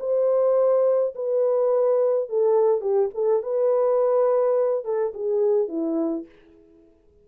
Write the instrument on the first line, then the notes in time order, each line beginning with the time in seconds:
horn
0.00 C5
1.15 B4
2.29 A4
2.81 G4
3.14 A4
3.43 B4
4.85 A4
5.14 G#4
5.68 E4